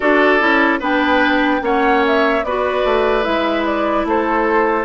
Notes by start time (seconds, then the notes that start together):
0.00 D4 F#4 A4 D5
0.39 C#4 E4
0.79 B3 D4 B4 G5
1.61 A#3 C#4 C#5 F#5
2.06 E5
2.43 B3 F#4 B4 D5
2.84 A3
3.22 G#3 E4 E5
3.65 D5
4.04 A3 A4 C5